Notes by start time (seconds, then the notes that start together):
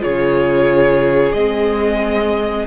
0.00 C#3 F4 G#4 C#5
1.33 G#3 C4 D#5